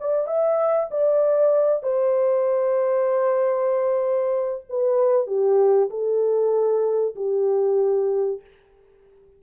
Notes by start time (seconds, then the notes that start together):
0.00 D5
0.27 E5
0.91 D5
1.83 C5
4.69 B4
5.27 G4
5.90 A4
7.16 G4